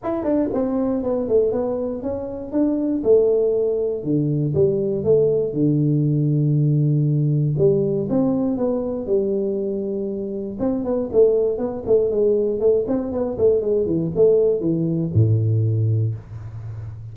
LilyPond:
\new Staff \with { instrumentName = "tuba" } { \time 4/4 \tempo 4 = 119 e'8 d'8 c'4 b8 a8 b4 | cis'4 d'4 a2 | d4 g4 a4 d4~ | d2. g4 |
c'4 b4 g2~ | g4 c'8 b8 a4 b8 a8 | gis4 a8 c'8 b8 a8 gis8 e8 | a4 e4 a,2 | }